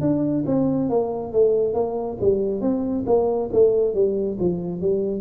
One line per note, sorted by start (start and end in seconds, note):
0.00 0.43 D4
0.45 0.89 C4
0.89 1.32 A#3
1.32 1.74 A3
1.74 2.17 A#3
2.20 2.60 G3
2.60 3.04 C4
3.06 3.49 A#3
3.52 3.94 A3
3.94 4.37 G3
4.40 4.80 F3
4.80 5.21 G3